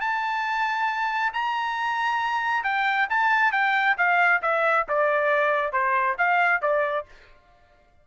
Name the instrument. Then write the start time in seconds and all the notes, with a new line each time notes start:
trumpet
0.00 A5
1.33 A#5
2.63 G5
3.09 A5
3.52 G5
3.97 F5
4.42 E5
4.88 D5
5.72 C5
6.18 F5
6.61 D5